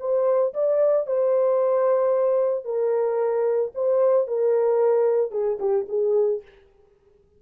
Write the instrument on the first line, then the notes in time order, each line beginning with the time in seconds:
horn
0.00 C5
0.54 D5
1.07 C5
2.65 A#4
3.75 C5
4.28 A#4
5.32 G#4
5.60 G4
5.89 G#4